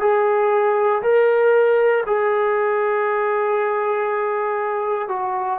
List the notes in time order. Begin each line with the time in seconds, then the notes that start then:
0.00 G#4
1.02 A#4
2.06 G#4
5.08 F#4